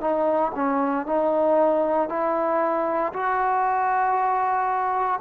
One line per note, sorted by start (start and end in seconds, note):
0.00 0.52 D#4
0.55 1.06 C#4
1.06 2.09 D#4
2.09 3.12 E4
3.13 5.20 F#4